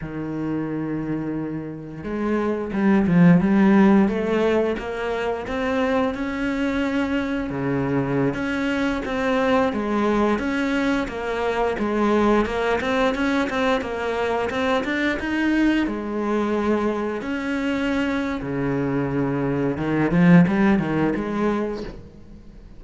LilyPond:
\new Staff \with { instrumentName = "cello" } { \time 4/4 \tempo 4 = 88 dis2. gis4 | g8 f8 g4 a4 ais4 | c'4 cis'2 cis4~ | cis16 cis'4 c'4 gis4 cis'8.~ |
cis'16 ais4 gis4 ais8 c'8 cis'8 c'16~ | c'16 ais4 c'8 d'8 dis'4 gis8.~ | gis4~ gis16 cis'4.~ cis'16 cis4~ | cis4 dis8 f8 g8 dis8 gis4 | }